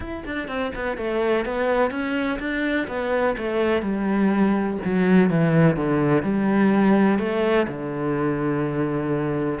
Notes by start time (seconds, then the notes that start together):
0.00 E4
0.25 D4
0.47 C4
0.75 B3
0.97 A3
1.45 B3
1.90 C#4
2.39 D4
2.87 B3
3.37 A3
3.82 G3
4.85 F#3
5.30 E3
5.76 D3
6.23 G3
7.18 A3
7.67 D3